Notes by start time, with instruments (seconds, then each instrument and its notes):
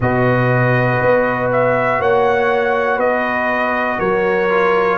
0.00 tuba B2, trombone F#4, horn B4, trumpet D#5
1.00 tuba B3
1.51 trumpet E5
1.99 tuba A#3, horn C#5, trumpet F#5
2.96 tuba B3, horn B4, trumpet D#5
3.98 tuba F#3, horn A#4, trumpet C#5
4.49 trombone F4